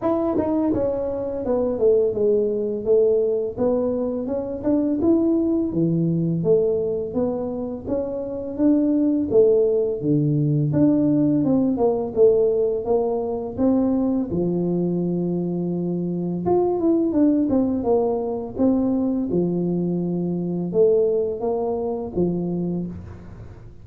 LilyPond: \new Staff \with { instrumentName = "tuba" } { \time 4/4 \tempo 4 = 84 e'8 dis'8 cis'4 b8 a8 gis4 | a4 b4 cis'8 d'8 e'4 | e4 a4 b4 cis'4 | d'4 a4 d4 d'4 |
c'8 ais8 a4 ais4 c'4 | f2. f'8 e'8 | d'8 c'8 ais4 c'4 f4~ | f4 a4 ais4 f4 | }